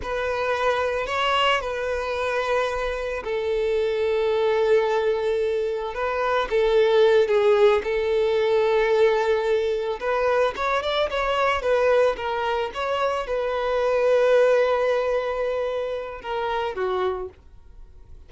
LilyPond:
\new Staff \with { instrumentName = "violin" } { \time 4/4 \tempo 4 = 111 b'2 cis''4 b'4~ | b'2 a'2~ | a'2. b'4 | a'4. gis'4 a'4.~ |
a'2~ a'8 b'4 cis''8 | d''8 cis''4 b'4 ais'4 cis''8~ | cis''8 b'2.~ b'8~ | b'2 ais'4 fis'4 | }